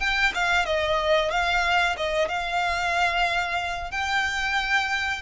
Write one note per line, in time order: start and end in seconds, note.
0.00 0.33 G5
0.35 0.66 F5
0.66 1.31 D#5
1.31 1.96 F5
1.97 2.29 D#5
2.29 3.92 F5
3.92 5.22 G5